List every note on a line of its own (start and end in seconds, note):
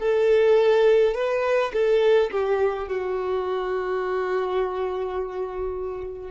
0.00 1.15 A4
1.15 1.73 B4
1.73 2.31 A4
2.31 2.88 G4
2.88 6.31 F#4